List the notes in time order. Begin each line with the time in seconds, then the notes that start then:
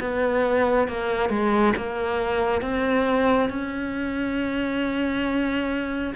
0.00 B3
0.87 A#3
1.29 G#3
1.76 A#3
2.61 C4
3.49 C#4